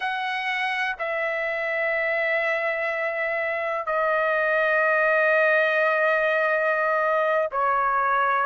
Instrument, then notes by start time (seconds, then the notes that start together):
trumpet
0.00 F#5
0.99 E5
3.86 D#5
7.51 C#5